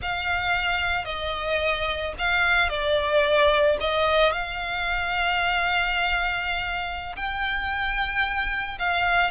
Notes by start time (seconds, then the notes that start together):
0.02 F5
1.04 D#5
2.18 F5
2.69 D5
3.80 D#5
4.31 F5
7.16 G5
8.78 F5